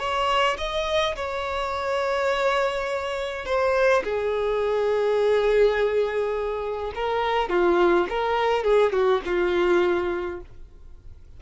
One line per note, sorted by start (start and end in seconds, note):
0.00 0.58 C#5
0.58 1.16 D#5
1.16 3.46 C#5
3.46 4.04 C5
4.04 6.93 G#4
6.95 7.50 A#4
7.50 8.08 F4
8.10 8.64 A#4
8.64 8.93 G#4
8.93 9.22 F#4
9.26 10.41 F4